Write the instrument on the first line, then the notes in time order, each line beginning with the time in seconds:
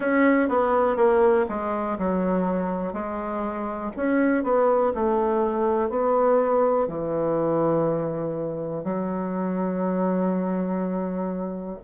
bassoon
0.00 C#4
0.48 B3
0.96 A#3
1.48 G#3
1.98 F#3
2.92 G#3
3.96 C#4
4.43 B3
4.94 A3
5.89 B3
6.87 E3
8.83 F#3